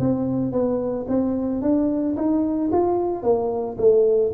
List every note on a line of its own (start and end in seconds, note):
0.00 0.52 C4
0.52 1.06 B3
1.09 1.62 C4
1.62 2.16 D4
2.17 2.71 D#4
2.72 3.23 F4
3.23 3.77 A#3
3.78 4.32 A3